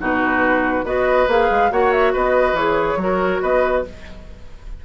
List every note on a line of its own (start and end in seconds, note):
0.00 0.84 B2
0.00 0.85 D#4
0.00 0.86 F#4
0.00 0.86 B4
0.84 1.27 B3
0.84 1.28 F#4
0.84 1.71 B4
0.84 1.29 D#5
1.28 1.50 A#3
1.28 1.71 G#4
1.28 1.72 F5
1.51 1.71 G#3
1.71 2.14 A#3
1.71 2.57 F#4
1.71 2.13 C#5
1.71 1.92 F#5
1.92 2.14 E5
2.13 2.53 B3
2.13 2.99 B4
2.13 2.56 D#5
2.53 2.96 E3
2.53 2.99 G#4
2.53 3.42 C#5
2.97 3.39 F#3
2.97 3.85 F#4
3.03 3.42 A#4
3.42 3.86 B3
3.42 3.85 B4
3.42 3.85 D#5